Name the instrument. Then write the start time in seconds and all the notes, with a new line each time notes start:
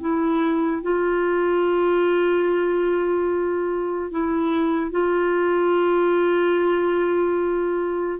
clarinet
0.00 E4
0.81 F4
4.11 E4
4.91 F4